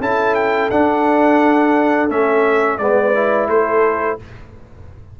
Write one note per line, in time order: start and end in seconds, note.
0.00 0.70 C#4
0.00 0.70 E4
0.00 2.80 A4
0.00 0.35 A5
0.35 0.69 G5
0.70 2.09 D4
0.70 2.10 F#5
2.09 2.79 A3
2.09 2.79 C#4
2.09 2.78 E5
2.78 3.48 G#3
2.78 3.15 B3
2.78 3.50 B4
2.78 3.48 D5
3.15 4.19 E4
3.48 4.18 A3
3.48 4.20 A4
3.48 4.18 C5